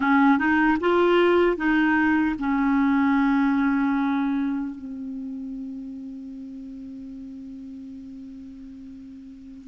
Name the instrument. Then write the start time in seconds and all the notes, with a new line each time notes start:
clarinet
0.00 C#4
0.38 D#4
0.80 F4
1.56 D#4
2.39 C#4
4.75 C4